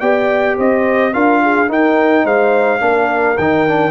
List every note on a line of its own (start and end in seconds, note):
0.00 0.57 B3
0.00 1.13 G4
0.00 0.56 D5
0.00 0.56 G5
0.57 1.14 C4
0.57 1.13 C5
0.57 1.14 D#5
1.13 1.69 D4
1.13 1.68 F4
1.13 1.42 A#4
1.13 1.70 F5
1.42 1.69 G#4
1.68 2.80 D#4
1.68 2.25 D#4
1.68 2.24 A#4
1.68 2.26 G5
2.24 2.81 G#3
2.24 2.80 C5
2.24 3.38 F5
2.80 3.37 A#3
2.80 3.36 D4
2.80 3.91 A#4
3.38 3.91 D#3
3.38 3.68 D#4
3.38 3.91 G5
3.68 3.91 D4